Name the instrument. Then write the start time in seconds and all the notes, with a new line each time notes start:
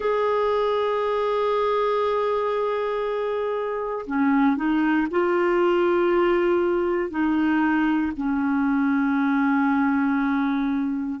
clarinet
0.00 G#4
4.06 C#4
4.56 D#4
5.11 F4
7.10 D#4
8.16 C#4